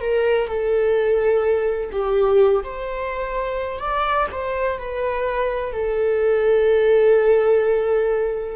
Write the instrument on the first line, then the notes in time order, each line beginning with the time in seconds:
viola
0.00 A#4
0.47 A4
1.91 G4
2.63 C5
3.79 D5
4.31 C5
4.77 B4
5.72 A4